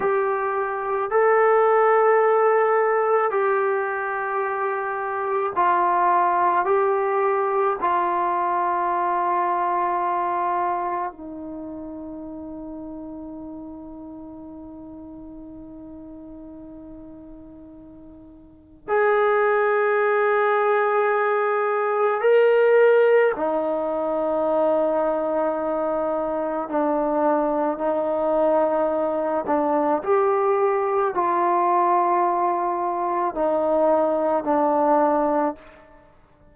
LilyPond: \new Staff \with { instrumentName = "trombone" } { \time 4/4 \tempo 4 = 54 g'4 a'2 g'4~ | g'4 f'4 g'4 f'4~ | f'2 dis'2~ | dis'1~ |
dis'4 gis'2. | ais'4 dis'2. | d'4 dis'4. d'8 g'4 | f'2 dis'4 d'4 | }